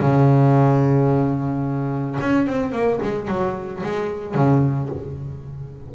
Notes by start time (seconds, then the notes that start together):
0.00 C#3
2.21 C#4
2.47 C4
2.72 A#3
3.03 G#3
3.28 F#3
3.84 G#3
4.35 C#3